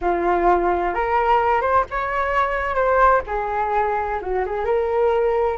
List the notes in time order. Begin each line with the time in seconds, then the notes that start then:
0.01 F4
0.94 A#4
1.61 C5
1.90 C#5
2.75 C5
3.26 G#4
4.21 F#4
4.45 G#4
4.64 A#4